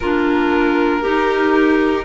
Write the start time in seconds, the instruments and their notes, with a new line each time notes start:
0.00 cello A#3, clarinet D4 F4, violin A#4
1.01 cello D#4, clarinet D#4 G4